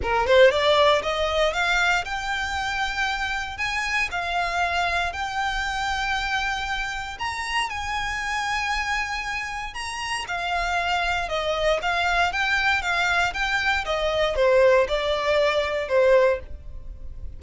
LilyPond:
\new Staff \with { instrumentName = "violin" } { \time 4/4 \tempo 4 = 117 ais'8 c''8 d''4 dis''4 f''4 | g''2. gis''4 | f''2 g''2~ | g''2 ais''4 gis''4~ |
gis''2. ais''4 | f''2 dis''4 f''4 | g''4 f''4 g''4 dis''4 | c''4 d''2 c''4 | }